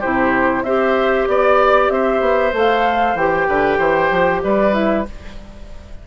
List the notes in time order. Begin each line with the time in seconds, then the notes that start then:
0.00 C3 E4 G4 C5
0.64 C4 G4 C5 E5
1.28 B3 D5
1.90 C4 C5 E5
2.21 B3
2.53 A3 A4 F5
3.15 E3 G4 G5
3.48 D3 B4
3.78 E3 C5
4.12 F3
4.44 G3 B4 D5
4.73 E4 E5